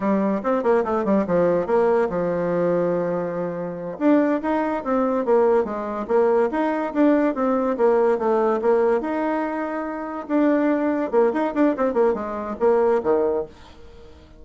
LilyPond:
\new Staff \with { instrumentName = "bassoon" } { \time 4/4 \tempo 4 = 143 g4 c'8 ais8 a8 g8 f4 | ais4 f2.~ | f4. d'4 dis'4 c'8~ | c'8 ais4 gis4 ais4 dis'8~ |
dis'8 d'4 c'4 ais4 a8~ | a8 ais4 dis'2~ dis'8~ | dis'8 d'2 ais8 dis'8 d'8 | c'8 ais8 gis4 ais4 dis4 | }